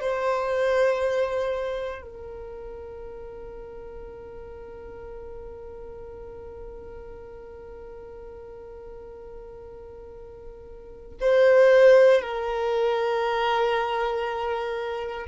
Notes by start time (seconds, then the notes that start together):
0.00 C5
2.02 A#4
11.20 C5
12.21 A#4